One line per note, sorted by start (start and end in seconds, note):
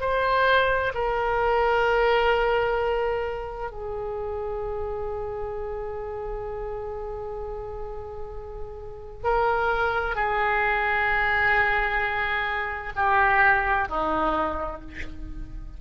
0.00 0.92 C5
0.94 3.71 A#4
3.71 9.23 G#4
9.23 10.15 A#4
10.15 12.92 G#4
12.96 13.88 G4
13.89 14.81 D#4